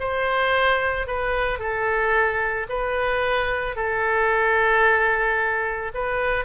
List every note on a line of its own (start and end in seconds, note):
0.00 1.07 C5
1.07 1.59 B4
1.59 2.68 A4
2.69 3.76 B4
3.76 5.92 A4
5.94 6.45 B4